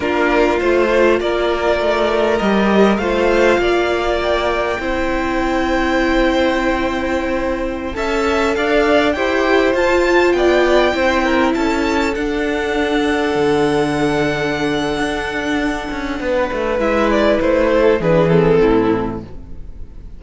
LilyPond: <<
  \new Staff \with { instrumentName = "violin" } { \time 4/4 \tempo 4 = 100 ais'4 c''4 d''2 | dis''4 f''2 g''4~ | g''1~ | g''4~ g''16 a''4 f''4 g''8.~ |
g''16 a''4 g''2 a''8.~ | a''16 fis''2.~ fis''8.~ | fis''1 | e''8 d''8 c''4 b'8 a'4. | }
  \new Staff \with { instrumentName = "violin" } { \time 4/4 f'2 ais'2~ | ais'4 c''4 d''2 | c''1~ | c''4~ c''16 e''4 d''4 c''8.~ |
c''4~ c''16 d''4 c''8 ais'8 a'8.~ | a'1~ | a'2. b'4~ | b'4. a'8 gis'4 e'4 | }
  \new Staff \with { instrumentName = "viola" } { \time 4/4 d'4 f'2. | g'4 f'2. | e'1~ | e'4~ e'16 a'2 g'8.~ |
g'16 f'2 e'4.~ e'16~ | e'16 d'2.~ d'8.~ | d'1 | e'2 d'8 c'4. | }
  \new Staff \with { instrumentName = "cello" } { \time 4/4 ais4 a4 ais4 a4 | g4 a4 ais2 | c'1~ | c'4~ c'16 cis'4 d'4 e'8.~ |
e'16 f'4 b4 c'4 cis'8.~ | cis'16 d'2 d4.~ d16~ | d4 d'4. cis'8 b8 a8 | gis4 a4 e4 a,4 | }
>>